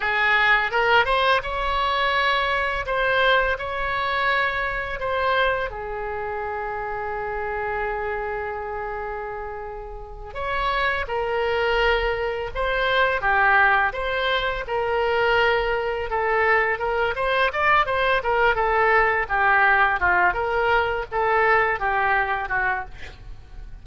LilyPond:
\new Staff \with { instrumentName = "oboe" } { \time 4/4 \tempo 4 = 84 gis'4 ais'8 c''8 cis''2 | c''4 cis''2 c''4 | gis'1~ | gis'2~ gis'8 cis''4 ais'8~ |
ais'4. c''4 g'4 c''8~ | c''8 ais'2 a'4 ais'8 | c''8 d''8 c''8 ais'8 a'4 g'4 | f'8 ais'4 a'4 g'4 fis'8 | }